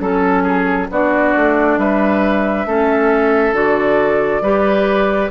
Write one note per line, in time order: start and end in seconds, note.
0.00 0.88 F#3
0.00 0.89 C#4
0.00 0.88 A4
0.00 0.43 A4
0.43 0.87 G#4
0.90 1.34 B3
0.90 2.66 D4
0.90 1.79 F#4
0.90 1.78 D5
1.36 1.77 A3
1.77 2.65 G3
1.77 2.67 B4
1.77 3.55 E5
2.66 3.53 A3
2.66 3.53 C#4
2.66 4.42 A4
3.53 4.41 D3
3.53 4.41 F#4
3.53 5.30 D5
4.41 5.29 G3
4.41 5.30 G4
4.41 5.30 B4